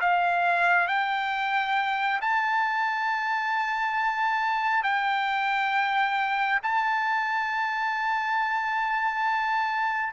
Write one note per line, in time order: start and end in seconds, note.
0.00 0.87 F5
0.87 2.20 G5
2.21 4.83 A5
4.83 6.59 G5
6.63 10.13 A5